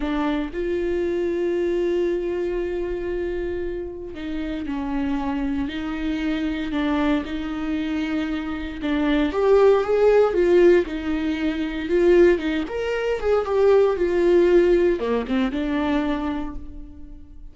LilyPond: \new Staff \with { instrumentName = "viola" } { \time 4/4 \tempo 4 = 116 d'4 f'2.~ | f'1 | dis'4 cis'2 dis'4~ | dis'4 d'4 dis'2~ |
dis'4 d'4 g'4 gis'4 | f'4 dis'2 f'4 | dis'8 ais'4 gis'8 g'4 f'4~ | f'4 ais8 c'8 d'2 | }